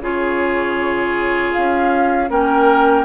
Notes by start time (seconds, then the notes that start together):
0.00 C#3 F4 G#4 C#5
1.53 C#4 F5
2.30 A#3 C#4 A#4 G5